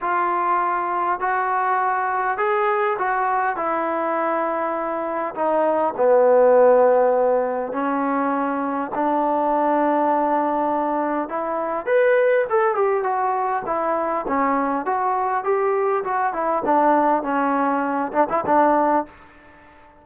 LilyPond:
\new Staff \with { instrumentName = "trombone" } { \time 4/4 \tempo 4 = 101 f'2 fis'2 | gis'4 fis'4 e'2~ | e'4 dis'4 b2~ | b4 cis'2 d'4~ |
d'2. e'4 | b'4 a'8 g'8 fis'4 e'4 | cis'4 fis'4 g'4 fis'8 e'8 | d'4 cis'4. d'16 e'16 d'4 | }